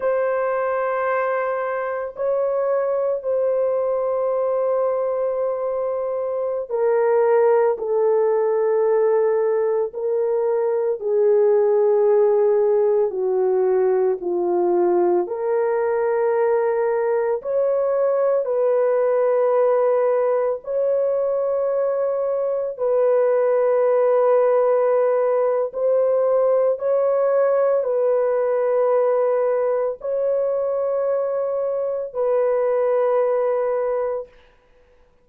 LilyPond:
\new Staff \with { instrumentName = "horn" } { \time 4/4 \tempo 4 = 56 c''2 cis''4 c''4~ | c''2~ c''16 ais'4 a'8.~ | a'4~ a'16 ais'4 gis'4.~ gis'16~ | gis'16 fis'4 f'4 ais'4.~ ais'16~ |
ais'16 cis''4 b'2 cis''8.~ | cis''4~ cis''16 b'2~ b'8. | c''4 cis''4 b'2 | cis''2 b'2 | }